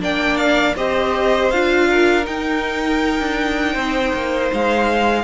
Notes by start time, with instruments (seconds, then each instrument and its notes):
0.00 cello A#3, viola D4, violin D5 G5
0.37 violin F5
0.75 cello C4, viola G4, violin C5 D#5
1.50 cello D4, viola F4, violin F5
1.90 violin A#4
2.22 viola D#4, cello D#4, violin G5
3.20 cello D4
3.72 cello C4, violin C5
4.13 cello A#3
4.53 cello G#3, violin F5